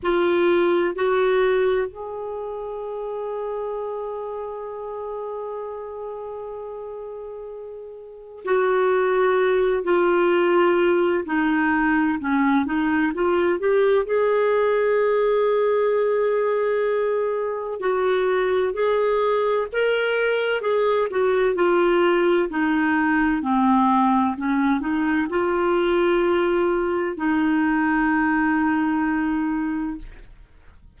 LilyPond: \new Staff \with { instrumentName = "clarinet" } { \time 4/4 \tempo 4 = 64 f'4 fis'4 gis'2~ | gis'1~ | gis'4 fis'4. f'4. | dis'4 cis'8 dis'8 f'8 g'8 gis'4~ |
gis'2. fis'4 | gis'4 ais'4 gis'8 fis'8 f'4 | dis'4 c'4 cis'8 dis'8 f'4~ | f'4 dis'2. | }